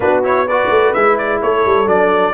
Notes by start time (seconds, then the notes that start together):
0.00 B3 D4 F#4 B4
0.23 E4 C#5
0.47 F#4 B4 D5
0.70 A3
0.93 G#3 E4 E5
1.17 D5
1.42 A3 A4 C#5
1.65 G3
1.86 F#3 D4 D5